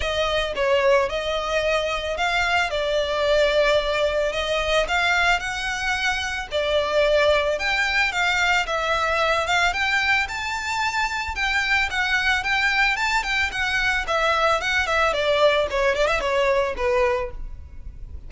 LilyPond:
\new Staff \with { instrumentName = "violin" } { \time 4/4 \tempo 4 = 111 dis''4 cis''4 dis''2 | f''4 d''2. | dis''4 f''4 fis''2 | d''2 g''4 f''4 |
e''4. f''8 g''4 a''4~ | a''4 g''4 fis''4 g''4 | a''8 g''8 fis''4 e''4 fis''8 e''8 | d''4 cis''8 d''16 e''16 cis''4 b'4 | }